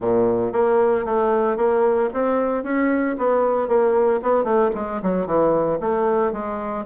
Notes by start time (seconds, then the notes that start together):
0.00 A#2
0.52 A#3
1.05 A3
1.56 A#3
2.13 C4
2.63 C#4
3.17 B3
3.67 A#3
4.22 B3
4.44 A3
4.74 G#3
5.02 F#3
5.26 E3
5.80 A3
6.32 G#3